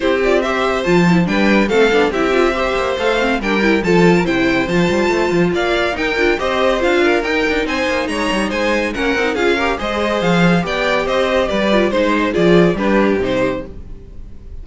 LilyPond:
<<
  \new Staff \with { instrumentName = "violin" } { \time 4/4 \tempo 4 = 141 c''8 d''8 e''4 a''4 g''4 | f''4 e''2 f''4 | g''4 a''4 g''4 a''4~ | a''4 f''4 g''4 dis''4 |
f''4 g''4 gis''4 ais''4 | gis''4 fis''4 f''4 dis''4 | f''4 g''4 dis''4 d''4 | c''4 d''4 b'4 c''4 | }
  \new Staff \with { instrumentName = "violin" } { \time 4/4 g'4 c''2 b'4 | a'4 g'4 c''2 | ais'4 a'8. ais'16 c''2~ | c''4 d''4 ais'4 c''4~ |
c''8 ais'4. c''4 cis''4 | c''4 ais'4 gis'8 ais'8 c''4~ | c''4 d''4 c''4 b'4 | c''4 gis'4 g'2 | }
  \new Staff \with { instrumentName = "viola" } { \time 4/4 e'8 f'8 g'4 f'8 e'8 d'4 | c'8 d'8 e'8 f'8 g'4 a'8 c'8 | d'8 e'8 f'4 e'4 f'4~ | f'2 dis'8 f'8 g'4 |
f'4 dis'2.~ | dis'4 cis'8 dis'8 f'8 g'8 gis'4~ | gis'4 g'2~ g'8 f'8 | dis'4 f'4 d'4 dis'4 | }
  \new Staff \with { instrumentName = "cello" } { \time 4/4 c'2 f4 g4 | a8 b8 c'4. ais8 a4 | g4 f4 c4 f8 g8 | a8 f8 ais4 dis'8 d'8 c'4 |
d'4 dis'8 d'8 c'8 ais8 gis8 g8 | gis4 ais8 c'8 cis'4 gis4 | f4 b4 c'4 g4 | gis4 f4 g4 c4 | }
>>